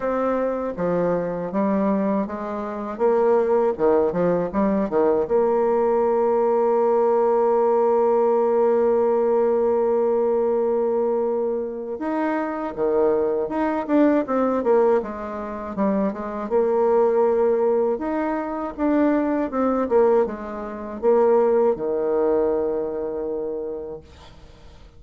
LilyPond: \new Staff \with { instrumentName = "bassoon" } { \time 4/4 \tempo 4 = 80 c'4 f4 g4 gis4 | ais4 dis8 f8 g8 dis8 ais4~ | ais1~ | ais1 |
dis'4 dis4 dis'8 d'8 c'8 ais8 | gis4 g8 gis8 ais2 | dis'4 d'4 c'8 ais8 gis4 | ais4 dis2. | }